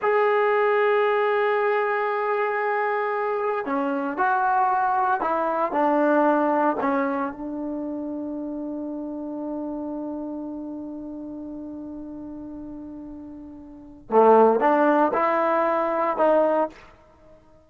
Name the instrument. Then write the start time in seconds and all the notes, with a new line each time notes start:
trombone
0.02 G#4
3.65 C#4
4.17 F#4
5.20 E4
5.72 D4
6.80 C#4
7.31 D4
14.10 A3
14.59 D4
15.13 E4
16.17 D#4